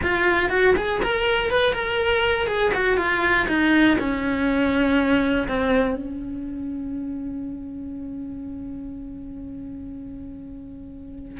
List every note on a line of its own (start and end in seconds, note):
0.02 0.49 F4
0.49 0.74 F#4
0.76 1.01 G#4
1.02 1.50 A#4
1.50 1.72 B4
1.72 2.47 A#4
2.47 2.71 G#4
2.73 2.97 F#4
2.97 3.46 F4
3.47 3.97 D#4
3.98 5.47 C#4
5.48 5.95 C4
5.95 11.39 C#4